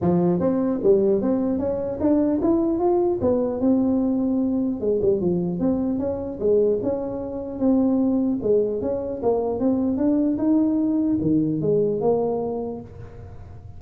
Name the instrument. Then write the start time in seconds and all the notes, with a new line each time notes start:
tuba
0.01 F3
0.39 C4
0.83 G3
1.21 C4
1.59 C#4
2.00 D4
2.41 E4
2.79 F4
3.21 B3
3.60 C4
4.80 G#3
5.02 G3
5.20 F3
5.59 C4
5.98 C#4
6.39 G#3
6.83 C#4
7.59 C4
8.42 G#3
8.81 C#4
9.22 A#3
9.59 C4
9.97 D4
10.37 D#4
11.21 D#3
11.61 G#3
12.01 A#3